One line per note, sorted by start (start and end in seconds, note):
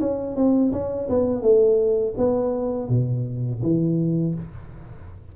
0.00 0.36 C#4
0.36 0.72 C4
0.72 1.08 C#4
1.09 1.42 B3
1.42 2.14 A3
2.17 2.89 B3
2.89 3.61 B2
3.62 4.35 E3